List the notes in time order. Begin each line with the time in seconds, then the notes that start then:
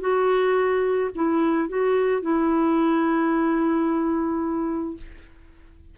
0.00 F#4
1.15 E4
1.69 F#4
2.21 E4